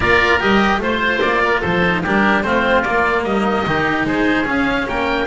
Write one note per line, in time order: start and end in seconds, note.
0.00 0.41 A#3
0.00 0.40 F4
0.00 0.79 A#4
0.00 0.40 D5
0.40 0.79 G3
0.40 0.80 G4
0.40 0.81 D#5
0.79 1.19 A3
0.79 1.81 F4
0.79 1.42 C5
0.79 1.20 C5
1.20 1.62 A#3
1.20 1.61 D5
1.44 1.60 A#4
1.60 2.05 F3
1.60 2.01 A4
1.60 2.02 C5
1.84 2.04 D#4
2.03 2.43 G3
2.03 2.43 D4
2.03 2.43 G4
2.03 2.42 A#4
2.42 2.84 A3
2.42 2.84 C4
2.42 3.25 F4
2.42 2.82 C5
2.82 3.66 A#3
2.82 3.23 A#3
2.82 3.23 D5
3.23 3.64 G3
3.23 3.65 D#4
3.23 4.05 D#5
3.66 4.04 D#3
3.66 4.44 D#4
3.66 4.07 G4
4.04 4.45 G#3
4.04 4.88 G#4
4.04 4.47 C5
4.44 5.26 C#4
4.44 4.86 C#4
4.44 4.88 F5
4.88 5.27 A#3
4.88 5.27 A#4
4.88 5.27 G5